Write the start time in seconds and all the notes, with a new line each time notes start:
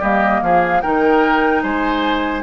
0.00 G3 A#3 G4 D#5
0.43 F3 G#4 F5
0.81 D#3 D#4 A#4 G5
1.63 G#3 C5 G#5